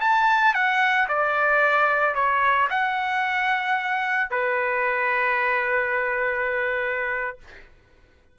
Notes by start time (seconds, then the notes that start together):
0.00 A5
0.54 F#5
1.08 D5
2.15 C#5
2.70 F#5
4.30 B4